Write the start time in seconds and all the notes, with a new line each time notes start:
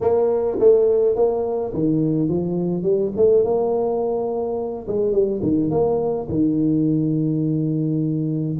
0.01 A#3
0.59 A3
1.15 A#3
1.73 D#3
2.29 F3
2.82 G3
3.16 A3
3.43 A#3
4.87 G#3
5.12 G3
5.42 D#3
5.70 A#3
6.29 D#3